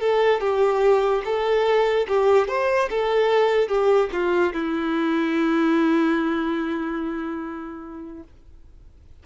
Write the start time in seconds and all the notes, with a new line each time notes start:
0.00 A4
0.40 G4
1.24 A4
2.08 G4
2.48 C5
2.90 A4
3.68 G4
4.12 F4
4.53 E4